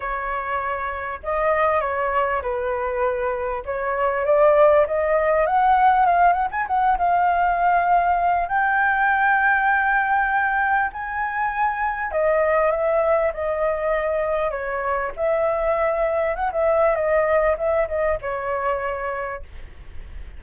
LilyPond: \new Staff \with { instrumentName = "flute" } { \time 4/4 \tempo 4 = 99 cis''2 dis''4 cis''4 | b'2 cis''4 d''4 | dis''4 fis''4 f''8 fis''16 gis''16 fis''8 f''8~ | f''2 g''2~ |
g''2 gis''2 | dis''4 e''4 dis''2 | cis''4 e''2 fis''16 e''8. | dis''4 e''8 dis''8 cis''2 | }